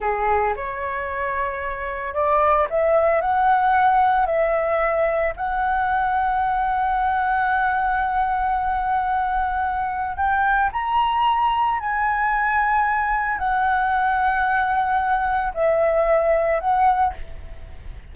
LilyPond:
\new Staff \with { instrumentName = "flute" } { \time 4/4 \tempo 4 = 112 gis'4 cis''2. | d''4 e''4 fis''2 | e''2 fis''2~ | fis''1~ |
fis''2. g''4 | ais''2 gis''2~ | gis''4 fis''2.~ | fis''4 e''2 fis''4 | }